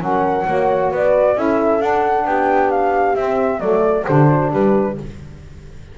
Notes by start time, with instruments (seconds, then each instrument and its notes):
0.00 double bass F#3, saxophone C#4, horn A#4, flute F#5
0.46 double bass A#3, saxophone F#4, horn C#5
0.91 double bass B3, horn B4, flute D5
1.36 double bass C#4, saxophone E4, horn A4, flute E5
1.80 saxophone D4, double bass D4, flute F#5
2.25 double bass B3, horn G4, flute G5
2.71 flute F5
3.15 double bass C4, saxophone C4, flute E5
3.60 double bass F#3, saxophone A3, horn A4, flute D5
4.05 double bass D3, saxophone D4, horn G4, flute C5
4.29 horn F#4
4.51 double bass G3, horn G4, flute B4